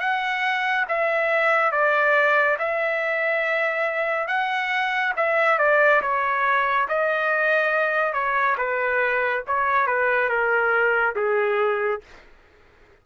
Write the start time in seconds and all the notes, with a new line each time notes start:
0.00 F#5
0.88 E5
1.72 D5
2.59 E5
4.28 F#5
5.17 E5
5.59 D5
6.02 C#5
6.88 D#5
8.14 C#5
8.58 B4
9.48 C#5
9.87 B4
10.29 A#4
11.16 G#4